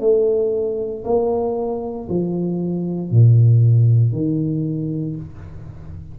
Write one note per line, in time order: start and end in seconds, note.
0.00 1.03 A3
1.04 2.08 A#3
2.09 3.11 F3
3.11 4.12 A#2
4.12 5.16 D#3